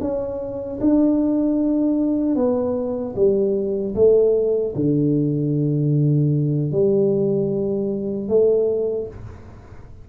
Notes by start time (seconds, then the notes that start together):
0.00 C#4
0.80 D4
2.35 B3
3.15 G3
3.95 A3
4.75 D3
6.72 G3
8.29 A3